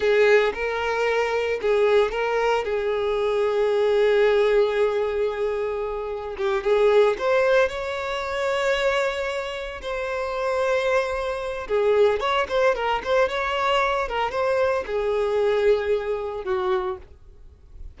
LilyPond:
\new Staff \with { instrumentName = "violin" } { \time 4/4 \tempo 4 = 113 gis'4 ais'2 gis'4 | ais'4 gis'2.~ | gis'1 | g'8 gis'4 c''4 cis''4.~ |
cis''2~ cis''8 c''4.~ | c''2 gis'4 cis''8 c''8 | ais'8 c''8 cis''4. ais'8 c''4 | gis'2. fis'4 | }